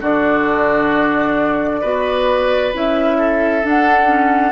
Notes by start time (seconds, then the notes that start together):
0.00 D3 D4 F#4 D5
1.81 B3 F#4 B4
2.73 C#4 E4 E5
3.18 A4
3.63 D4 F#5
4.07 C#4